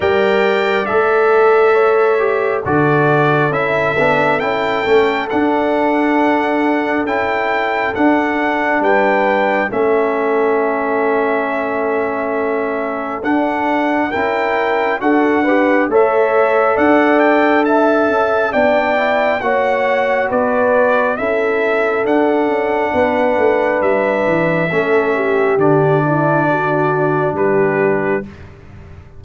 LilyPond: <<
  \new Staff \with { instrumentName = "trumpet" } { \time 4/4 \tempo 4 = 68 g''4 e''2 d''4 | e''4 g''4 fis''2 | g''4 fis''4 g''4 e''4~ | e''2. fis''4 |
g''4 fis''4 e''4 fis''8 g''8 | a''4 g''4 fis''4 d''4 | e''4 fis''2 e''4~ | e''4 d''2 b'4 | }
  \new Staff \with { instrumentName = "horn" } { \time 4/4 d''2 cis''4 a'4~ | a'1~ | a'2 b'4 a'4~ | a'1 |
ais'4 a'8 b'8 cis''4 d''4 | e''4 d''4 cis''4 b'4 | a'2 b'2 | a'8 g'4 e'8 fis'4 g'4 | }
  \new Staff \with { instrumentName = "trombone" } { \time 4/4 ais'4 a'4. g'8 fis'4 | e'8 d'8 e'8 cis'8 d'2 | e'4 d'2 cis'4~ | cis'2. d'4 |
e'4 fis'8 g'8 a'2~ | a'4 d'8 e'8 fis'2 | e'4 d'2. | cis'4 d'2. | }
  \new Staff \with { instrumentName = "tuba" } { \time 4/4 g4 a2 d4 | cis'8 b8 cis'8 a8 d'2 | cis'4 d'4 g4 a4~ | a2. d'4 |
cis'4 d'4 a4 d'4~ | d'8 cis'8 b4 ais4 b4 | cis'4 d'8 cis'8 b8 a8 g8 e8 | a4 d2 g4 | }
>>